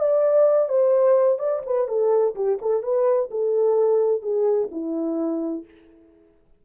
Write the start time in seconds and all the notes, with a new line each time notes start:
0.00 D5
0.69 C5
1.39 D5
1.66 B4
1.88 A4
2.36 G4
2.62 A4
2.83 B4
3.31 A4
4.23 G#4
4.72 E4